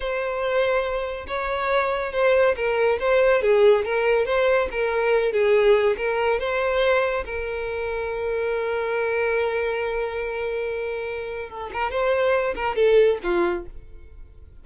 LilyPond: \new Staff \with { instrumentName = "violin" } { \time 4/4 \tempo 4 = 141 c''2. cis''4~ | cis''4 c''4 ais'4 c''4 | gis'4 ais'4 c''4 ais'4~ | ais'8 gis'4. ais'4 c''4~ |
c''4 ais'2.~ | ais'1~ | ais'2. a'8 ais'8 | c''4. ais'8 a'4 f'4 | }